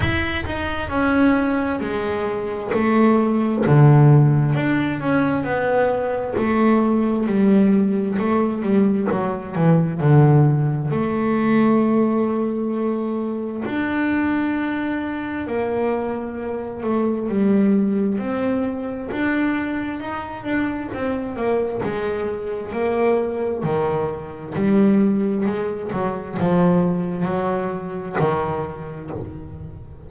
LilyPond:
\new Staff \with { instrumentName = "double bass" } { \time 4/4 \tempo 4 = 66 e'8 dis'8 cis'4 gis4 a4 | d4 d'8 cis'8 b4 a4 | g4 a8 g8 fis8 e8 d4 | a2. d'4~ |
d'4 ais4. a8 g4 | c'4 d'4 dis'8 d'8 c'8 ais8 | gis4 ais4 dis4 g4 | gis8 fis8 f4 fis4 dis4 | }